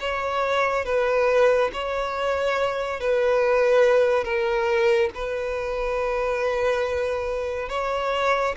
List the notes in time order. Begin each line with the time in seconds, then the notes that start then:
0.00 C#5
0.85 B4
1.73 C#5
3.01 B4
4.25 A#4
5.15 B4
7.69 C#5